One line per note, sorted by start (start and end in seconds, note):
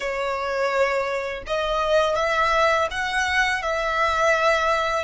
0.00 1.43 C#5
1.46 2.15 D#5
2.15 2.88 E5
2.90 3.62 F#5
3.62 5.04 E5